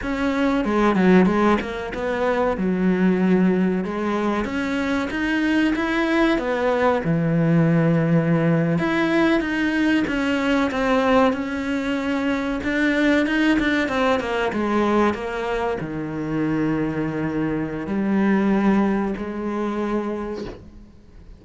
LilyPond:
\new Staff \with { instrumentName = "cello" } { \time 4/4 \tempo 4 = 94 cis'4 gis8 fis8 gis8 ais8 b4 | fis2 gis4 cis'4 | dis'4 e'4 b4 e4~ | e4.~ e16 e'4 dis'4 cis'16~ |
cis'8. c'4 cis'2 d'16~ | d'8. dis'8 d'8 c'8 ais8 gis4 ais16~ | ais8. dis2.~ dis16 | g2 gis2 | }